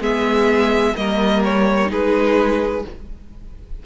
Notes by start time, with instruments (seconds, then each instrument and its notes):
0.00 cello G#3, viola B3, violin G#4 E5
0.96 cello G3, viola A#3, violin A#4 D#5
1.44 violin C#5
1.86 cello G#3, viola D#4, violin G#4 B4